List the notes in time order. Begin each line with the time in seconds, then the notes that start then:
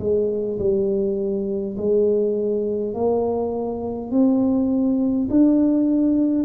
0.00 G#3
0.59 G3
1.77 G#3
2.94 A#3
4.11 C4
5.30 D4